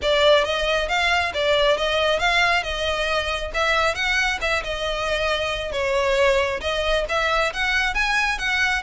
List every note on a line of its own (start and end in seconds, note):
0.02 0.44 D5
0.44 0.88 D#5
0.88 1.32 F5
1.34 1.77 D5
1.77 2.19 D#5
2.19 2.63 F5
2.63 3.51 D#5
3.53 3.94 E5
3.94 4.38 F#5
4.41 4.63 E5
4.64 5.72 D#5
5.72 6.60 C#5
6.61 7.05 D#5
7.08 7.52 E5
7.53 7.94 F#5
7.94 8.38 G#5
8.38 8.82 F#5